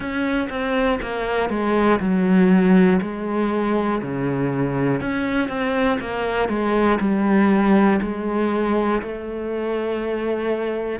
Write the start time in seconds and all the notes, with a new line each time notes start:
0.00 C#4
0.50 C4
1.02 A#3
1.50 G#3
2.00 F#3
3.01 G#3
4.01 C#3
5.00 C#4
5.48 C4
6.00 A#3
6.48 G#3
7.00 G3
8.01 G#3
9.02 A3